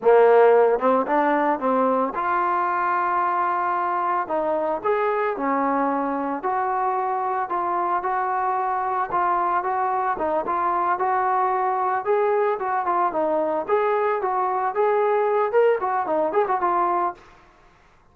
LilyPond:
\new Staff \with { instrumentName = "trombone" } { \time 4/4 \tempo 4 = 112 ais4. c'8 d'4 c'4 | f'1 | dis'4 gis'4 cis'2 | fis'2 f'4 fis'4~ |
fis'4 f'4 fis'4 dis'8 f'8~ | f'8 fis'2 gis'4 fis'8 | f'8 dis'4 gis'4 fis'4 gis'8~ | gis'4 ais'8 fis'8 dis'8 gis'16 fis'16 f'4 | }